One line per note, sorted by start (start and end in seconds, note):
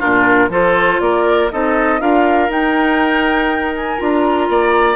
0.00 0.49 A#2
0.00 0.50 D4
0.00 0.50 F4
0.00 0.51 A#4
0.49 0.99 F3
0.49 1.49 F4
0.49 1.01 A4
0.49 1.01 C5
1.01 1.50 A#3
1.01 1.53 A#4
1.01 1.50 D5
1.52 2.01 C4
1.52 2.00 D#4
1.52 2.01 A4
1.52 2.01 D#5
2.00 2.49 D4
2.00 2.49 F4
2.00 4.49 A#4
2.00 2.51 F5
2.49 3.98 D#4
2.49 3.76 G5
3.76 4.01 G#5
3.98 4.49 D4
3.98 4.96 F4
3.98 4.96 A#5
4.49 4.96 A#3
4.49 4.96 D5